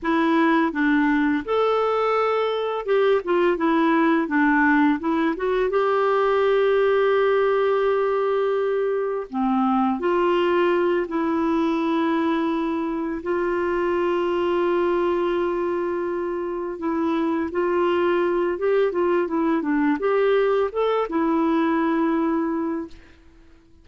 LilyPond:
\new Staff \with { instrumentName = "clarinet" } { \time 4/4 \tempo 4 = 84 e'4 d'4 a'2 | g'8 f'8 e'4 d'4 e'8 fis'8 | g'1~ | g'4 c'4 f'4. e'8~ |
e'2~ e'8 f'4.~ | f'2.~ f'8 e'8~ | e'8 f'4. g'8 f'8 e'8 d'8 | g'4 a'8 e'2~ e'8 | }